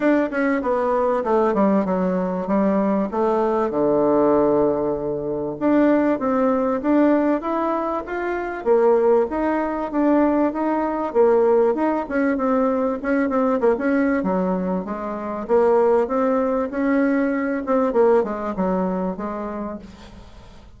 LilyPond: \new Staff \with { instrumentName = "bassoon" } { \time 4/4 \tempo 4 = 97 d'8 cis'8 b4 a8 g8 fis4 | g4 a4 d2~ | d4 d'4 c'4 d'4 | e'4 f'4 ais4 dis'4 |
d'4 dis'4 ais4 dis'8 cis'8 | c'4 cis'8 c'8 ais16 cis'8. fis4 | gis4 ais4 c'4 cis'4~ | cis'8 c'8 ais8 gis8 fis4 gis4 | }